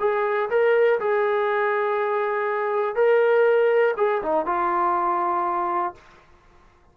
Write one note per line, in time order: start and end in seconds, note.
0.00 0.50 G#4
0.50 0.99 A#4
1.00 2.95 G#4
2.95 3.95 A#4
3.97 4.22 G#4
4.23 4.46 D#4
4.46 5.94 F4